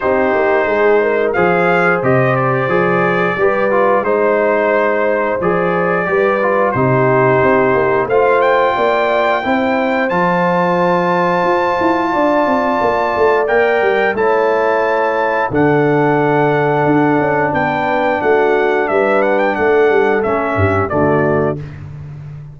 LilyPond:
<<
  \new Staff \with { instrumentName = "trumpet" } { \time 4/4 \tempo 4 = 89 c''2 f''4 dis''8 d''8~ | d''2 c''2 | d''2 c''2 | f''8 g''2~ g''8 a''4~ |
a''1 | g''4 a''2 fis''4~ | fis''2 g''4 fis''4 | e''8 fis''16 g''16 fis''4 e''4 d''4 | }
  \new Staff \with { instrumentName = "horn" } { \time 4/4 g'4 gis'8 ais'8 c''2~ | c''4 b'4 c''2~ | c''4 b'4 g'2 | c''4 d''4 c''2~ |
c''2 d''2~ | d''4 cis''2 a'4~ | a'2 b'4 fis'4 | b'4 a'4. g'8 fis'4 | }
  \new Staff \with { instrumentName = "trombone" } { \time 4/4 dis'2 gis'4 g'4 | gis'4 g'8 f'8 dis'2 | gis'4 g'8 f'8 dis'2 | f'2 e'4 f'4~ |
f'1 | ais'4 e'2 d'4~ | d'1~ | d'2 cis'4 a4 | }
  \new Staff \with { instrumentName = "tuba" } { \time 4/4 c'8 ais8 gis4 f4 c4 | f4 g4 gis2 | f4 g4 c4 c'8 ais8 | a4 ais4 c'4 f4~ |
f4 f'8 e'8 d'8 c'8 ais8 a8 | ais8 g8 a2 d4~ | d4 d'8 cis'8 b4 a4 | g4 a8 g8 a8 g,8 d4 | }
>>